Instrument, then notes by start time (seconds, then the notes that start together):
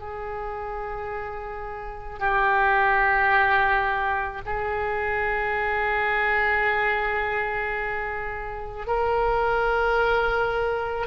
oboe
0.00 G#4
2.19 G4
4.45 G#4
8.87 A#4